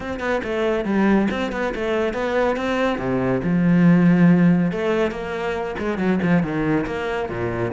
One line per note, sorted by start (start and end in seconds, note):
0.00 0.19 C4
0.19 0.41 B3
0.43 0.85 A3
0.85 1.27 G3
1.30 1.52 C4
1.52 1.73 B3
1.75 2.13 A3
2.13 2.56 B3
2.56 2.98 C4
2.98 3.41 C3
3.43 4.71 F3
4.71 5.11 A3
5.11 5.75 A#3
5.78 5.97 G#3
5.97 6.19 F#3
6.22 6.42 F3
6.42 6.85 D#3
6.86 7.29 A#3
7.29 7.71 A#2